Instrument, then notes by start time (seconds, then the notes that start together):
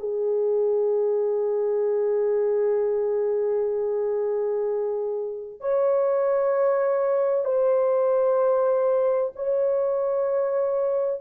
horn
0.00 G#4
5.61 C#5
7.45 C5
9.36 C#5